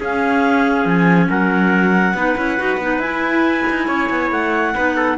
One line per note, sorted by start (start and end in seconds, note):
0.00 0.86 C#4
0.00 2.17 C#4
0.00 1.29 G#4
0.00 0.89 F5
0.86 1.29 F3
0.86 1.31 G#5
1.30 2.14 F#3
1.30 2.16 A#4
1.30 3.01 F#5
2.14 2.36 B3
2.14 2.37 D#4
2.14 3.87 B4
2.37 2.59 C#4
2.37 2.58 E4
2.58 2.78 D#4
2.58 2.80 F#4
2.78 2.99 B3
2.78 3.03 D#4
2.99 3.64 E4
2.99 4.76 E4
2.99 4.31 G#5
3.70 3.88 D#4
3.87 4.10 C#4
3.87 4.73 C#5
4.10 4.32 B3
4.32 4.75 A3
4.32 5.18 F#5
4.75 5.18 B3
4.75 5.18 D#4
4.75 4.96 B4
4.96 5.18 A4